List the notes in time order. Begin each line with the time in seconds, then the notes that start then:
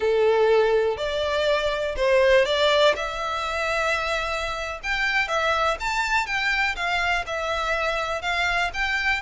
0.00 A4
0.97 D5
1.96 C5
2.45 D5
2.96 E5
4.83 G5
5.28 E5
5.79 A5
6.26 G5
6.75 F5
7.26 E5
8.21 F5
8.73 G5